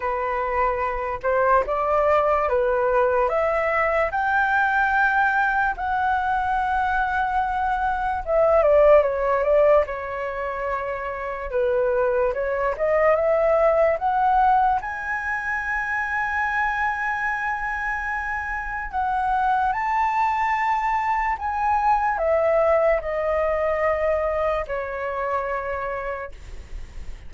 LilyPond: \new Staff \with { instrumentName = "flute" } { \time 4/4 \tempo 4 = 73 b'4. c''8 d''4 b'4 | e''4 g''2 fis''4~ | fis''2 e''8 d''8 cis''8 d''8 | cis''2 b'4 cis''8 dis''8 |
e''4 fis''4 gis''2~ | gis''2. fis''4 | a''2 gis''4 e''4 | dis''2 cis''2 | }